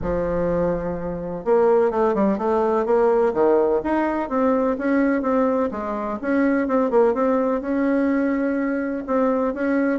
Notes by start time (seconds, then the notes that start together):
0.01 F3
1.44 A#3
1.90 A3
2.14 G3
2.38 A3
2.85 A#3
3.33 D#3
3.83 D#4
4.29 C4
4.77 C#4
5.21 C4
5.71 G#3
6.21 C#4
6.67 C4
6.90 A#3
7.14 C4
7.61 C#4
9.06 C4
9.54 C#4